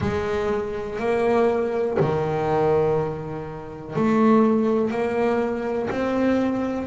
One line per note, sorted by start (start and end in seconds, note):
0.00 0.99 G#3
0.99 1.97 A#3
1.99 3.95 D#3
3.95 4.90 A3
4.90 5.89 A#3
5.90 6.87 C4